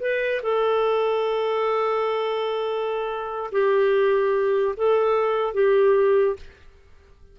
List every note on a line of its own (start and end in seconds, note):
0.00 0.41 B4
0.42 3.50 A4
3.52 4.75 G4
4.76 5.54 A4
5.54 6.36 G4